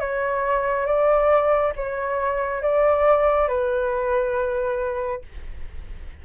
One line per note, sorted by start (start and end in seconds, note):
0.00 0.86 C#5
0.86 1.73 D5
1.76 2.62 C#5
2.62 3.48 D5
3.48 5.22 B4